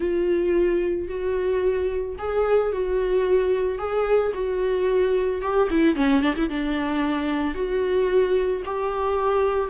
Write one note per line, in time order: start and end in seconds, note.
0.00 1.07 F4
1.08 2.16 F#4
2.18 2.72 G#4
2.72 3.78 F#4
3.78 4.32 G#4
4.34 5.41 F#4
5.41 5.68 G4
5.70 5.95 E4
5.95 6.21 C#4
6.21 6.34 D4
6.36 6.49 E4
6.49 7.54 D4
7.54 8.62 F#4
8.65 9.69 G4